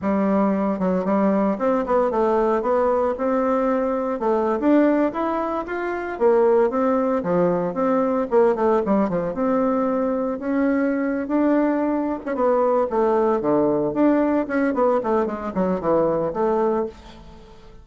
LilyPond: \new Staff \with { instrumentName = "bassoon" } { \time 4/4 \tempo 4 = 114 g4. fis8 g4 c'8 b8 | a4 b4 c'2 | a8. d'4 e'4 f'4 ais16~ | ais8. c'4 f4 c'4 ais16~ |
ais16 a8 g8 f8 c'2 cis'16~ | cis'4. d'4.~ d'16 cis'16 b8~ | b8 a4 d4 d'4 cis'8 | b8 a8 gis8 fis8 e4 a4 | }